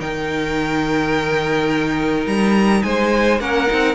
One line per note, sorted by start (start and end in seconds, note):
0.00 2.26 D#3
0.00 3.40 D#4
0.00 2.84 A#4
0.00 2.27 G5
2.27 2.83 G3
2.27 2.83 A#5
2.83 3.40 G#3
2.83 3.41 C5
2.83 3.40 G#5
3.40 3.69 A#3
3.40 3.67 C#4
3.40 3.95 A#4
3.40 3.95 F#5
3.67 3.95 D#4
3.73 3.95 C4